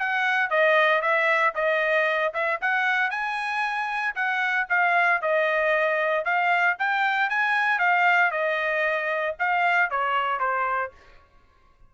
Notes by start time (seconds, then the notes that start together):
0.00 F#5
0.51 D#5
1.02 E5
1.55 D#5
2.34 E5
2.62 F#5
3.11 G#5
4.16 F#5
4.70 F5
5.22 D#5
6.25 F5
6.79 G5
7.30 G#5
7.80 F5
8.32 D#5
9.40 F5
9.91 C#5
10.40 C5